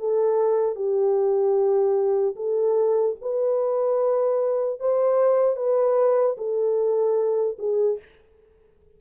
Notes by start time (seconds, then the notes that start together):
0.00 A4
0.76 G4
2.36 A4
3.22 B4
4.80 C5
5.56 B4
6.38 A4
7.59 G#4